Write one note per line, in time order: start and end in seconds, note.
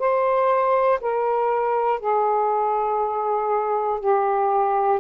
0.00 1.00 C5
1.01 2.00 A#4
2.00 4.00 G#4
4.00 5.00 G4